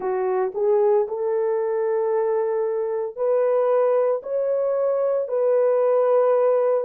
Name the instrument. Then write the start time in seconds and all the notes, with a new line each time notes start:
horn
0.00 F#4
0.54 G#4
1.08 A4
3.16 B4
4.22 C#5
5.27 B4